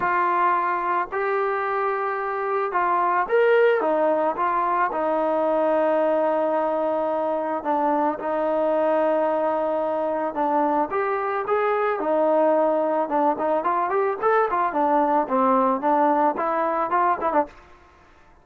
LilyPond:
\new Staff \with { instrumentName = "trombone" } { \time 4/4 \tempo 4 = 110 f'2 g'2~ | g'4 f'4 ais'4 dis'4 | f'4 dis'2.~ | dis'2 d'4 dis'4~ |
dis'2. d'4 | g'4 gis'4 dis'2 | d'8 dis'8 f'8 g'8 a'8 f'8 d'4 | c'4 d'4 e'4 f'8 e'16 d'16 | }